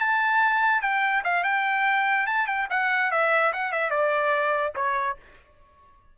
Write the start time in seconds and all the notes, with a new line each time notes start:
0.00 A5
0.82 G5
1.24 F5
1.44 G5
2.27 A5
2.47 G5
2.70 F#5
3.11 E5
3.53 F#5
3.72 E5
3.91 D5
4.76 C#5